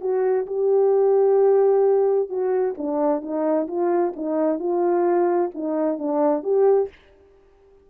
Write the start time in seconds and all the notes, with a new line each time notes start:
0.00 F#4
0.46 G4
2.29 F#4
2.77 D4
3.21 D#4
3.67 F4
4.16 D#4
4.59 F4
5.54 D#4
5.98 D4
6.43 G4